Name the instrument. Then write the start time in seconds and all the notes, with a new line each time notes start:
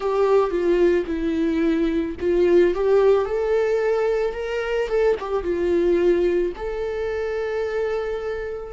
viola
0.00 G4
0.50 F4
1.06 E4
2.20 F4
2.74 G4
3.25 A4
4.33 A#4
4.88 A4
5.19 G4
5.43 F4
6.56 A4